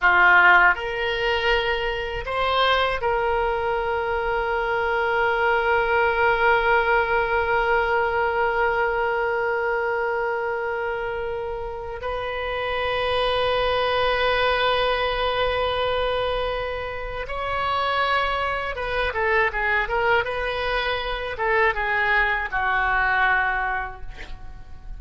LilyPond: \new Staff \with { instrumentName = "oboe" } { \time 4/4 \tempo 4 = 80 f'4 ais'2 c''4 | ais'1~ | ais'1~ | ais'1 |
b'1~ | b'2. cis''4~ | cis''4 b'8 a'8 gis'8 ais'8 b'4~ | b'8 a'8 gis'4 fis'2 | }